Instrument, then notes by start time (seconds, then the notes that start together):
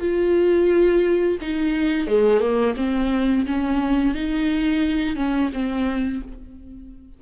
viola
0.00 F4
1.41 D#4
2.07 G#3
2.40 A#3
2.76 C4
3.46 C#4
4.14 D#4
5.16 C#4
5.53 C4